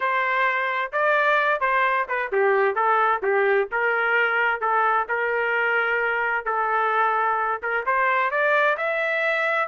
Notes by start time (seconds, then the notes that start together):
0.00 C5
0.92 D5
1.60 C5
2.08 B4
2.31 G4
2.75 A4
3.22 G4
3.71 A#4
4.60 A4
5.08 A#4
6.45 A4
7.62 A#4
7.85 C5
8.30 D5
8.77 E5